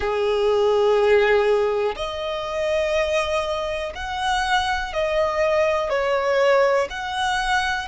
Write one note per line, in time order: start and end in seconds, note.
0.00 1.94 G#4
1.96 3.93 D#5
3.94 4.93 F#5
4.93 5.89 D#5
5.89 6.88 C#5
6.89 7.87 F#5